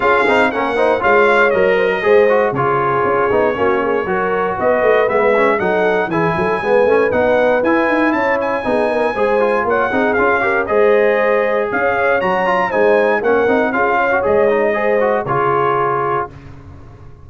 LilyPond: <<
  \new Staff \with { instrumentName = "trumpet" } { \time 4/4 \tempo 4 = 118 f''4 fis''4 f''4 dis''4~ | dis''4 cis''2.~ | cis''4 dis''4 e''4 fis''4 | gis''2 fis''4 gis''4 |
a''8 gis''2~ gis''8 fis''4 | f''4 dis''2 f''4 | ais''4 gis''4 fis''4 f''4 | dis''2 cis''2 | }
  \new Staff \with { instrumentName = "horn" } { \time 4/4 gis'4 ais'8 c''8 cis''4. c''16 ais'16 | c''4 gis'2 fis'8 gis'8 | ais'4 b'2 a'4 | gis'8 a'8 b'2. |
cis''4 gis'8 ais'8 c''4 cis''8 gis'8~ | gis'8 ais'8 c''2 cis''4~ | cis''4 c''4 ais'4 gis'8 cis''8~ | cis''4 c''4 gis'2 | }
  \new Staff \with { instrumentName = "trombone" } { \time 4/4 f'8 dis'8 cis'8 dis'8 f'4 ais'4 | gis'8 fis'8 f'4. dis'8 cis'4 | fis'2 b8 cis'8 dis'4 | e'4 b8 cis'8 dis'4 e'4~ |
e'4 dis'4 gis'8 f'4 dis'8 | f'8 g'8 gis'2. | fis'8 f'8 dis'4 cis'8 dis'8 f'8. fis'16 | gis'8 dis'8 gis'8 fis'8 f'2 | }
  \new Staff \with { instrumentName = "tuba" } { \time 4/4 cis'8 c'8 ais4 gis4 fis4 | gis4 cis4 cis'8 b8 ais4 | fis4 b8 a8 gis4 fis4 | e8 fis8 gis8 a8 b4 e'8 dis'8 |
cis'4 b4 gis4 ais8 c'8 | cis'4 gis2 cis'4 | fis4 gis4 ais8 c'8 cis'4 | gis2 cis2 | }
>>